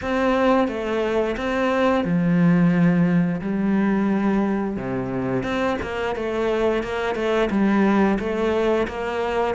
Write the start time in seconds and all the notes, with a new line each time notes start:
0.01 C4
0.68 A3
1.36 C4
2.04 F3
3.41 G3
4.77 C3
5.43 C4
5.81 A#3
6.15 A3
6.83 A#3
7.15 A3
7.50 G3
8.18 A3
8.87 A#3